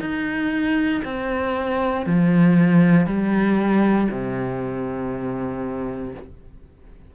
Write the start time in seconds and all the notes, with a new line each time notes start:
0.00 D#4
1.05 C4
2.06 F3
3.07 G3
4.11 C3